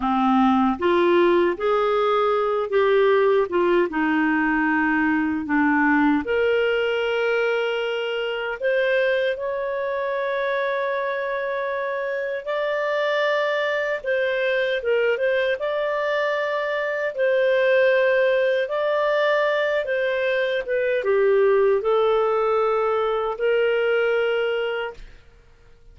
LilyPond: \new Staff \with { instrumentName = "clarinet" } { \time 4/4 \tempo 4 = 77 c'4 f'4 gis'4. g'8~ | g'8 f'8 dis'2 d'4 | ais'2. c''4 | cis''1 |
d''2 c''4 ais'8 c''8 | d''2 c''2 | d''4. c''4 b'8 g'4 | a'2 ais'2 | }